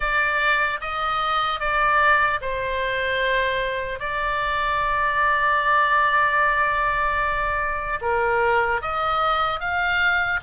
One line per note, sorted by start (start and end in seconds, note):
0.00 0.80 D5
0.80 1.60 D#5
1.60 2.40 D5
2.41 3.99 C5
3.99 7.99 D5
8.01 8.81 A#4
8.81 9.60 D#5
9.60 10.40 F5